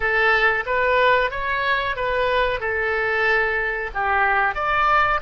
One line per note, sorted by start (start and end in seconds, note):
0.00 0.64 A4
0.66 1.30 B4
1.30 1.96 C#5
1.96 2.60 B4
2.60 3.90 A4
3.94 4.54 G4
4.54 5.20 D5